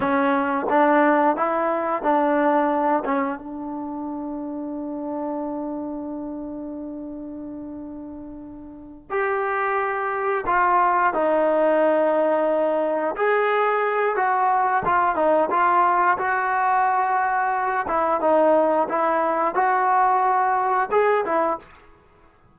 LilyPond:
\new Staff \with { instrumentName = "trombone" } { \time 4/4 \tempo 4 = 89 cis'4 d'4 e'4 d'4~ | d'8 cis'8 d'2.~ | d'1~ | d'4. g'2 f'8~ |
f'8 dis'2. gis'8~ | gis'4 fis'4 f'8 dis'8 f'4 | fis'2~ fis'8 e'8 dis'4 | e'4 fis'2 gis'8 e'8 | }